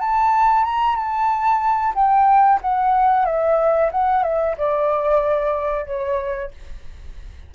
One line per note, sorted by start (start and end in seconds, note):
0.00 0.64 A5
0.64 0.96 A#5
0.96 1.94 A5
1.95 2.60 G5
2.62 3.26 F#5
3.26 3.91 E5
3.92 4.23 F#5
4.23 4.56 E5
4.58 5.86 D5
5.86 6.51 C#5